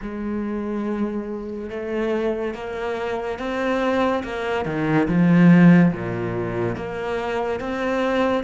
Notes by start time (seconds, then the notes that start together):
0.02 G#3
1.69 A3
2.54 A#3
3.38 C4
4.23 A#3
4.65 D#3
5.07 F3
5.92 A#2
6.76 A#3
7.59 C4